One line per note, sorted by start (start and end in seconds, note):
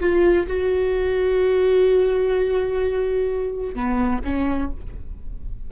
0.00 0.47 F4
0.48 3.75 F#4
3.75 4.22 B3
4.25 4.72 C#4